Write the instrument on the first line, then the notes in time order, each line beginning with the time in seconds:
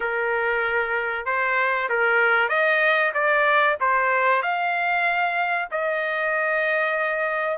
trumpet
0.00 A#4
1.25 C5
1.89 A#4
2.48 D#5
3.13 D5
3.80 C5
4.42 F5
5.71 D#5